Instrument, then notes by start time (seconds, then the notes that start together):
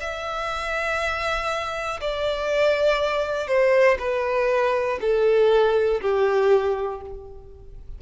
violin
0.00 E5
2.00 D5
3.47 C5
3.99 B4
5.01 A4
6.01 G4